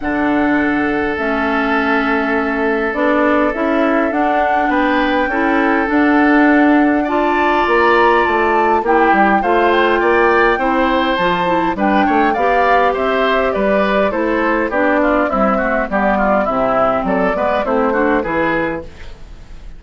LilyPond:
<<
  \new Staff \with { instrumentName = "flute" } { \time 4/4 \tempo 4 = 102 fis''2 e''2~ | e''4 d''4 e''4 fis''4 | g''2 fis''2 | a''4 ais''4 a''4 g''4 |
f''8 g''2~ g''8 a''4 | g''4 f''4 e''4 d''4 | c''4 d''4 e''4 d''4 | e''4 d''4 c''4 b'4 | }
  \new Staff \with { instrumentName = "oboe" } { \time 4/4 a'1~ | a'1 | b'4 a'2. | d''2. g'4 |
c''4 d''4 c''2 | b'8 cis''8 d''4 c''4 b'4 | a'4 g'8 f'8 e'8 fis'8 g'8 f'8 | e'4 a'8 b'8 e'8 fis'8 gis'4 | }
  \new Staff \with { instrumentName = "clarinet" } { \time 4/4 d'2 cis'2~ | cis'4 d'4 e'4 d'4~ | d'4 e'4 d'2 | f'2. e'4 |
f'2 e'4 f'8 e'8 | d'4 g'2. | e'4 d'4 g8 a8 b4 | c'4. b8 c'8 d'8 e'4 | }
  \new Staff \with { instrumentName = "bassoon" } { \time 4/4 d2 a2~ | a4 b4 cis'4 d'4 | b4 cis'4 d'2~ | d'4 ais4 a4 ais8 g8 |
a4 ais4 c'4 f4 | g8 a8 b4 c'4 g4 | a4 b4 c'4 g4 | c4 fis8 gis8 a4 e4 | }
>>